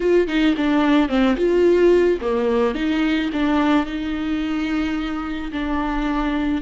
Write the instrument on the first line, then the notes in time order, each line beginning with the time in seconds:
viola
0.00 F4
0.27 D#4
0.57 D4
1.08 C4
1.36 F4
2.21 A#3
2.74 D#4
3.32 D4
3.86 D#4
5.52 D4